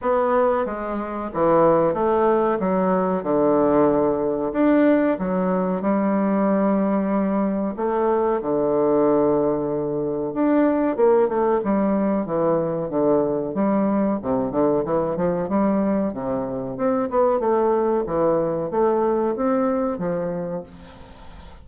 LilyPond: \new Staff \with { instrumentName = "bassoon" } { \time 4/4 \tempo 4 = 93 b4 gis4 e4 a4 | fis4 d2 d'4 | fis4 g2. | a4 d2. |
d'4 ais8 a8 g4 e4 | d4 g4 c8 d8 e8 f8 | g4 c4 c'8 b8 a4 | e4 a4 c'4 f4 | }